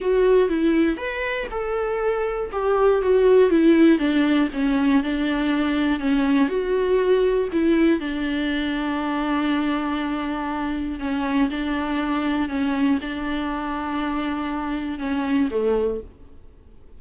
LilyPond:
\new Staff \with { instrumentName = "viola" } { \time 4/4 \tempo 4 = 120 fis'4 e'4 b'4 a'4~ | a'4 g'4 fis'4 e'4 | d'4 cis'4 d'2 | cis'4 fis'2 e'4 |
d'1~ | d'2 cis'4 d'4~ | d'4 cis'4 d'2~ | d'2 cis'4 a4 | }